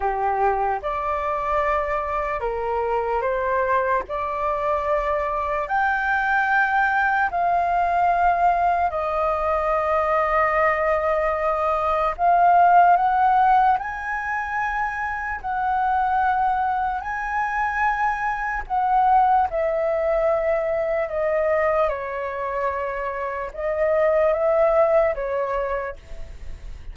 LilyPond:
\new Staff \with { instrumentName = "flute" } { \time 4/4 \tempo 4 = 74 g'4 d''2 ais'4 | c''4 d''2 g''4~ | g''4 f''2 dis''4~ | dis''2. f''4 |
fis''4 gis''2 fis''4~ | fis''4 gis''2 fis''4 | e''2 dis''4 cis''4~ | cis''4 dis''4 e''4 cis''4 | }